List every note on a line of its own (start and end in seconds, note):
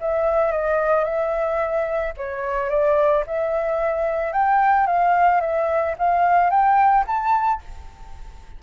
0.00 0.51 E5
0.51 1.04 D#5
1.04 2.13 E5
2.17 2.69 C#5
2.69 3.24 D5
3.26 4.32 E5
4.32 4.86 G5
4.86 5.40 F5
5.40 5.95 E5
5.98 6.50 F5
6.50 7.04 G5
7.06 7.61 A5